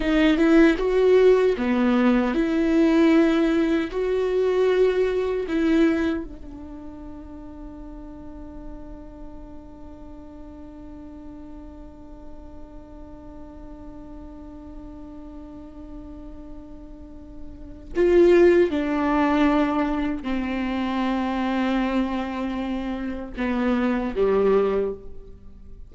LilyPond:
\new Staff \with { instrumentName = "viola" } { \time 4/4 \tempo 4 = 77 dis'8 e'8 fis'4 b4 e'4~ | e'4 fis'2 e'4 | d'1~ | d'1~ |
d'1~ | d'2. f'4 | d'2 c'2~ | c'2 b4 g4 | }